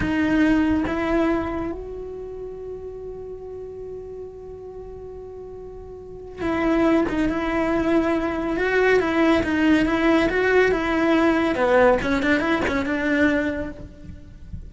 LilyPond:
\new Staff \with { instrumentName = "cello" } { \time 4/4 \tempo 4 = 140 dis'2 e'2 | fis'1~ | fis'1~ | fis'2. e'4~ |
e'8 dis'8 e'2. | fis'4 e'4 dis'4 e'4 | fis'4 e'2 b4 | cis'8 d'8 e'8 cis'8 d'2 | }